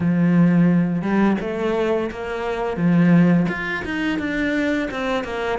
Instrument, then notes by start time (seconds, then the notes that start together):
cello
0.00 F3
1.01 G3
1.40 A3
2.11 A#3
2.76 F3
3.49 F4
3.85 D#4
4.19 D4
4.90 C4
5.23 A#3